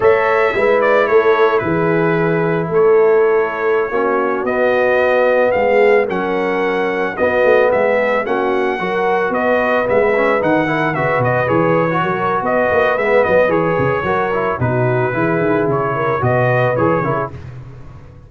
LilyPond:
<<
  \new Staff \with { instrumentName = "trumpet" } { \time 4/4 \tempo 4 = 111 e''4. d''8 cis''4 b'4~ | b'4 cis''2.~ | cis''16 dis''2 f''4 fis''8.~ | fis''4~ fis''16 dis''4 e''4 fis''8.~ |
fis''4~ fis''16 dis''4 e''4 fis''8.~ | fis''16 e''8 dis''8 cis''4.~ cis''16 dis''4 | e''8 dis''8 cis''2 b'4~ | b'4 cis''4 dis''4 cis''4 | }
  \new Staff \with { instrumentName = "horn" } { \time 4/4 cis''4 b'4 a'4 gis'4~ | gis'4 a'2~ a'16 fis'8.~ | fis'2~ fis'16 gis'4 ais'8.~ | ais'4~ ais'16 fis'4 gis'4 fis'8.~ |
fis'16 ais'4 b'2~ b'8 ais'16~ | ais'16 b'2 ais'8. b'4~ | b'2 ais'4 fis'4 | gis'4. ais'8 b'4. ais'16 gis'16 | }
  \new Staff \with { instrumentName = "trombone" } { \time 4/4 a'4 e'2.~ | e'2.~ e'16 cis'8.~ | cis'16 b2. cis'8.~ | cis'4~ cis'16 b2 cis'8.~ |
cis'16 fis'2 b8 cis'8 dis'8 e'16~ | e'16 fis'4 gis'8. fis'2 | b4 gis'4 fis'8 e'8 dis'4 | e'2 fis'4 gis'8 e'8 | }
  \new Staff \with { instrumentName = "tuba" } { \time 4/4 a4 gis4 a4 e4~ | e4 a2~ a16 ais8.~ | ais16 b2 gis4 fis8.~ | fis4~ fis16 b8 a8 gis4 ais8.~ |
ais16 fis4 b4 gis4 dis8.~ | dis16 cis8 b,8 e4 fis8. b8 ais8 | gis8 fis8 e8 cis8 fis4 b,4 | e8 dis8 cis4 b,4 e8 cis8 | }
>>